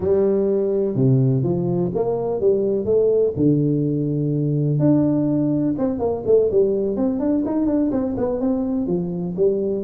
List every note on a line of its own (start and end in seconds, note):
0.00 0.95 G3
0.95 1.43 C3
1.43 1.91 F3
1.95 2.40 A#3
2.40 2.85 G3
2.85 3.33 A3
3.36 4.79 D3
4.79 5.75 D4
5.78 5.99 C4
5.99 6.23 A#3
6.26 6.50 A3
6.51 6.96 G3
6.96 7.19 C4
7.19 7.43 D4
7.45 7.66 D#4
7.66 7.90 D4
7.91 8.15 C4
8.17 8.40 B3
8.40 8.87 C4
8.87 9.35 F3
9.36 9.84 G3